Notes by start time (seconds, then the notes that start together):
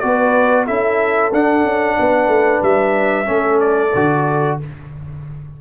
0.00 B3 F#4 B4 D5
0.66 C#4 E4 A4 E5
1.33 D4 F#5
1.64 C#4
1.99 B3 B4
2.28 A3
2.62 G3 E5
3.25 A3 C#4 A4
3.60 D5
3.95 D3 F#4